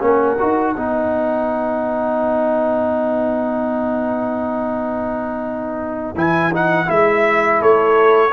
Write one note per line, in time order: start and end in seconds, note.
0.00 0.37 A#3
0.00 0.36 C#4
0.00 0.75 A#4
0.00 6.14 F#5
0.39 0.76 D#4
0.39 0.75 F#4
0.75 6.15 B3
0.75 6.16 D#4
0.75 7.59 B4
6.15 6.87 E3
6.15 6.52 E4
6.15 6.54 G#5
6.53 6.85 D#4
6.53 6.89 F#5
6.85 7.60 G#3
6.85 8.30 E4
6.85 7.62 E5
7.59 8.33 A3
7.59 8.31 A4
7.59 8.33 C#5